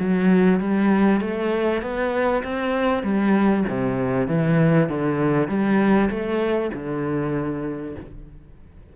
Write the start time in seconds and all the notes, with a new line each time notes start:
0.00 F#3
0.60 G3
1.21 A3
1.82 B3
2.44 C4
3.03 G3
3.69 C3
4.28 E3
4.89 D3
5.49 G3
6.10 A3
6.74 D3